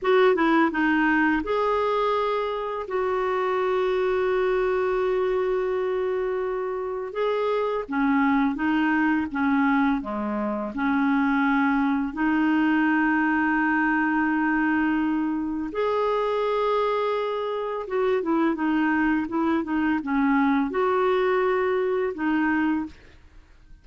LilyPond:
\new Staff \with { instrumentName = "clarinet" } { \time 4/4 \tempo 4 = 84 fis'8 e'8 dis'4 gis'2 | fis'1~ | fis'2 gis'4 cis'4 | dis'4 cis'4 gis4 cis'4~ |
cis'4 dis'2.~ | dis'2 gis'2~ | gis'4 fis'8 e'8 dis'4 e'8 dis'8 | cis'4 fis'2 dis'4 | }